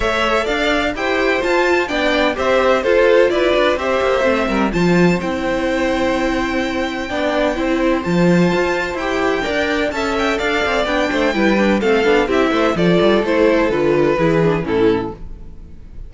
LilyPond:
<<
  \new Staff \with { instrumentName = "violin" } { \time 4/4 \tempo 4 = 127 e''4 f''4 g''4 a''4 | g''4 e''4 c''4 d''4 | e''2 a''4 g''4~ | g''1~ |
g''4 a''2 g''4~ | g''4 a''8 g''8 f''4 g''4~ | g''4 f''4 e''4 d''4 | c''4 b'2 a'4 | }
  \new Staff \with { instrumentName = "violin" } { \time 4/4 cis''4 d''4 c''2 | d''4 c''4 a'4 b'4 | c''4. ais'8 c''2~ | c''2. d''4 |
c''1 | d''4 e''4 d''4. c''8 | b'4 a'4 g'8 c''8 a'4~ | a'2 gis'4 e'4 | }
  \new Staff \with { instrumentName = "viola" } { \time 4/4 a'2 g'4 f'4 | d'4 g'4 f'2 | g'4 c'4 f'4 e'4~ | e'2. d'4 |
e'4 f'2 g'4 | ais'4 a'2 d'4 | e'8 d'8 c'8 d'8 e'4 f'4 | e'4 f'4 e'8 d'8 cis'4 | }
  \new Staff \with { instrumentName = "cello" } { \time 4/4 a4 d'4 e'4 f'4 | b4 c'4 f'4 e'8 d'8 | c'8 ais8 a8 g8 f4 c'4~ | c'2. b4 |
c'4 f4 f'4 e'4 | d'4 cis'4 d'8 c'8 b8 a8 | g4 a8 b8 c'8 a8 f8 g8 | a4 d4 e4 a,4 | }
>>